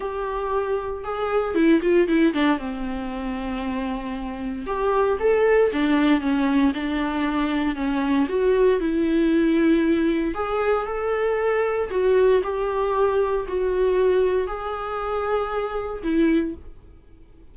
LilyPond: \new Staff \with { instrumentName = "viola" } { \time 4/4 \tempo 4 = 116 g'2 gis'4 e'8 f'8 | e'8 d'8 c'2.~ | c'4 g'4 a'4 d'4 | cis'4 d'2 cis'4 |
fis'4 e'2. | gis'4 a'2 fis'4 | g'2 fis'2 | gis'2. e'4 | }